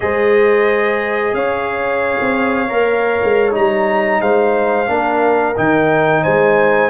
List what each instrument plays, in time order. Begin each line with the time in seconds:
0.00 tuba G#3, trombone G#4, horn C5, trumpet D#5
1.33 tuba C#4, horn C#5, trumpet F5
2.20 tuba C4
2.68 tuba A#3, trombone A#4
3.23 tuba G#3
3.51 tuba G3, trombone D#4, trumpet A#5
4.21 tuba G#3, horn C5, trumpet F5
4.86 tuba A#3, trombone D4, horn A#4
5.56 tuba D#3, trombone D#4, trumpet G5
6.22 tuba G#3, horn C5, trumpet G#5